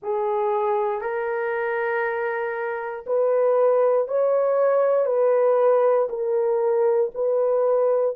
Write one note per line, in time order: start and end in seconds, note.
0.02 1.01 G#4
1.01 3.04 A#4
3.06 4.07 B4
4.07 5.06 C#5
5.06 6.07 B4
6.09 7.10 A#4
7.14 8.16 B4